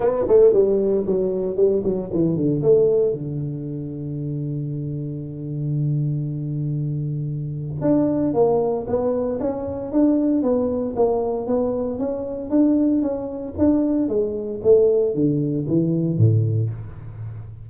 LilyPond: \new Staff \with { instrumentName = "tuba" } { \time 4/4 \tempo 4 = 115 b8 a8 g4 fis4 g8 fis8 | e8 d8 a4 d2~ | d1~ | d2. d'4 |
ais4 b4 cis'4 d'4 | b4 ais4 b4 cis'4 | d'4 cis'4 d'4 gis4 | a4 d4 e4 a,4 | }